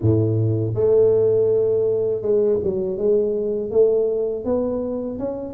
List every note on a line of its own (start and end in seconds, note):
0.01 0.74 A2
0.74 2.22 A3
2.22 2.59 G#3
2.63 2.97 F#3
2.97 3.70 G#3
3.70 4.44 A3
4.44 5.18 B3
5.18 5.54 C#4